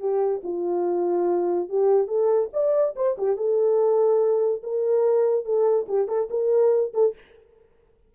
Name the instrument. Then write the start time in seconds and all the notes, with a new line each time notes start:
horn
0.00 G4
0.44 F4
1.69 G4
2.08 A4
2.53 D5
2.96 C5
3.18 G4
3.37 A4
4.63 A#4
5.45 A4
5.89 G4
6.08 A4
6.31 A#4
6.94 A4